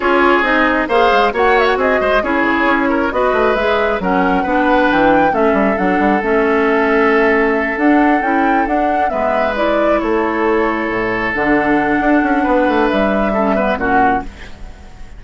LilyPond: <<
  \new Staff \with { instrumentName = "flute" } { \time 4/4 \tempo 4 = 135 cis''4 dis''4 f''4 fis''8 e''16 fis''16 | dis''4 cis''2 dis''4 | e''4 fis''2 g''4 | e''4 fis''4 e''2~ |
e''4. fis''4 g''4 fis''8~ | fis''8 e''4 d''4 cis''4.~ | cis''4. fis''2~ fis''8~ | fis''4 e''2 fis''4 | }
  \new Staff \with { instrumentName = "oboe" } { \time 4/4 gis'2 c''4 cis''4 | gis'8 c''8 gis'4. ais'8 b'4~ | b'4 ais'4 b'2 | a'1~ |
a'1~ | a'8 b'2 a'4.~ | a'1 | b'2 a'8 b'8 fis'4 | }
  \new Staff \with { instrumentName = "clarinet" } { \time 4/4 f'4 dis'4 gis'4 fis'4~ | fis'4 e'2 fis'4 | gis'4 cis'4 d'2 | cis'4 d'4 cis'2~ |
cis'4. d'4 e'4 d'8~ | d'8 b4 e'2~ e'8~ | e'4. d'2~ d'8~ | d'2 cis'8 b8 cis'4 | }
  \new Staff \with { instrumentName = "bassoon" } { \time 4/4 cis'4 c'4 ais8 gis8 ais4 | c'8 gis8 cis'8 cis8 cis'4 b8 a8 | gis4 fis4 b4 e4 | a8 g8 fis8 g8 a2~ |
a4. d'4 cis'4 d'8~ | d'8 gis2 a4.~ | a8 a,4 d4. d'8 cis'8 | b8 a8 g2 ais,4 | }
>>